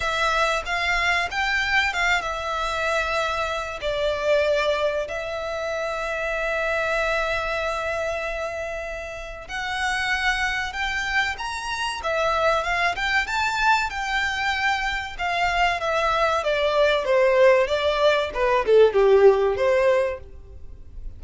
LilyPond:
\new Staff \with { instrumentName = "violin" } { \time 4/4 \tempo 4 = 95 e''4 f''4 g''4 f''8 e''8~ | e''2 d''2 | e''1~ | e''2. fis''4~ |
fis''4 g''4 ais''4 e''4 | f''8 g''8 a''4 g''2 | f''4 e''4 d''4 c''4 | d''4 b'8 a'8 g'4 c''4 | }